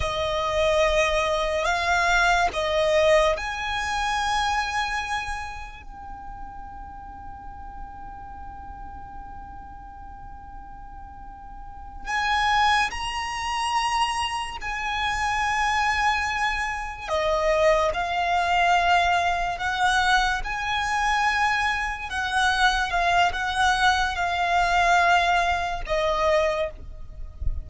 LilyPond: \new Staff \with { instrumentName = "violin" } { \time 4/4 \tempo 4 = 72 dis''2 f''4 dis''4 | gis''2. g''4~ | g''1~ | g''2~ g''8 gis''4 ais''8~ |
ais''4. gis''2~ gis''8~ | gis''8 dis''4 f''2 fis''8~ | fis''8 gis''2 fis''4 f''8 | fis''4 f''2 dis''4 | }